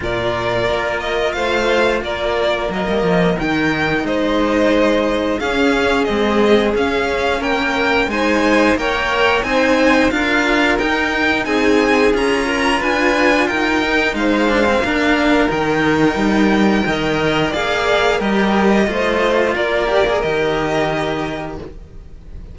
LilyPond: <<
  \new Staff \with { instrumentName = "violin" } { \time 4/4 \tempo 4 = 89 d''4. dis''8 f''4 d''4 | dis''4 g''4 dis''2 | f''4 dis''4 f''4 g''4 | gis''4 g''4 gis''4 f''4 |
g''4 gis''4 ais''4 gis''4 | g''4 f''2 g''4~ | g''2 f''4 dis''4~ | dis''4 d''4 dis''2 | }
  \new Staff \with { instrumentName = "violin" } { \time 4/4 ais'2 c''4 ais'4~ | ais'2 c''2 | gis'2. ais'4 | c''4 cis''4 c''4 ais'4~ |
ais'4 gis'4. ais'8 b'4 | ais'4 c''4 ais'2~ | ais'4 dis''4 d''4 ais'4 | c''4 ais'2. | }
  \new Staff \with { instrumentName = "cello" } { \time 4/4 f'1 | ais4 dis'2. | cis'4 gis4 cis'2 | dis'4 ais'4 dis'4 f'4 |
dis'2 f'2~ | f'8 dis'4 d'16 c'16 d'4 dis'4~ | dis'4 ais'4 gis'4 g'4 | f'4. g'16 gis'16 g'2 | }
  \new Staff \with { instrumentName = "cello" } { \time 4/4 ais,4 ais4 a4 ais4 | fis16 g16 f8 dis4 gis2 | cis'4 c'4 cis'4 ais4 | gis4 ais4 c'4 d'4 |
dis'4 c'4 cis'4 d'4 | dis'4 gis4 ais4 dis4 | g4 dis4 ais4 g4 | a4 ais4 dis2 | }
>>